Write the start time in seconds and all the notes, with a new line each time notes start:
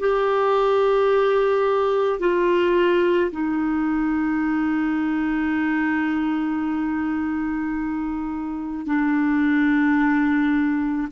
0.00 G4
2.20 F4
3.32 D#4
8.86 D4